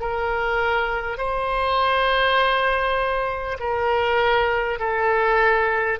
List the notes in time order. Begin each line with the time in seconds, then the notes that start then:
0.00 A#4
1.17 C5
3.59 A#4
4.79 A4